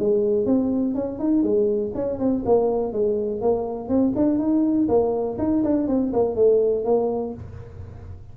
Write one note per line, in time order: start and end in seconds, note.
0.00 0.46 G#3
0.46 0.95 C4
0.95 1.20 C#4
1.20 1.43 D#4
1.43 1.92 G#3
1.95 2.20 C#4
2.20 2.44 C4
2.46 2.93 A#3
2.93 3.42 G#3
3.42 3.89 A#3
3.89 4.14 C4
4.16 4.39 D4
4.39 4.88 D#4
4.89 5.38 A#3
5.39 5.64 D#4
5.64 5.88 D4
5.88 6.13 C4
6.14 6.36 A#3
6.36 6.85 A3
6.85 7.34 A#3